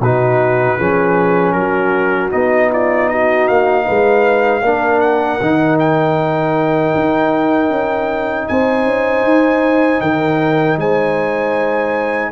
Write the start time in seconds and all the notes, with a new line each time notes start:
0.00 B2 D#4 F#4 B4
0.77 F3 C#4 G#4
1.52 F#3 F#4 A#4
2.31 B3 D#4 D#5
2.71 F4 D5
3.09 F#4 D#5
3.47 A#3 F5
3.84 G#3 B4
4.62 A#3 D4 A#4
5.00 F#5
5.41 D#3 D#4
5.79 G5
6.95 D#4
7.70 C#4
8.48 C4 C5 G#5
8.85 C#4
9.23 D#4
10.00 D#3 A#4 G5
10.77 G#3 C5 G#5